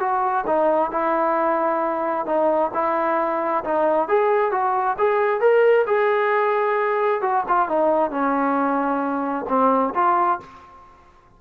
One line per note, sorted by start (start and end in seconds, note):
0.00 0.45 F#4
0.47 0.91 D#4
0.91 2.26 E4
2.26 2.71 D#4
2.74 3.64 E4
3.65 4.08 D#4
4.08 4.52 G#4
4.52 4.97 F#4
4.98 5.41 G#4
5.41 5.86 A#4
5.87 7.22 G#4
7.22 7.45 F#4
7.49 7.69 F4
7.69 8.11 D#4
8.11 9.46 C#4
9.49 9.94 C4
9.95 10.40 F4